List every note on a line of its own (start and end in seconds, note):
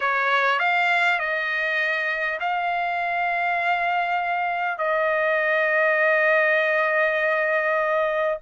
0.00 0.59 C#5
0.59 1.19 F5
1.19 2.39 D#5
2.40 4.78 F5
4.78 8.38 D#5